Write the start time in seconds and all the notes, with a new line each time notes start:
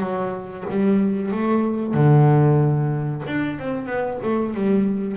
0.00 F#3
0.70 G3
1.31 A3
1.94 D3
3.26 D4
3.59 C4
3.86 B3
4.23 A3
4.54 G3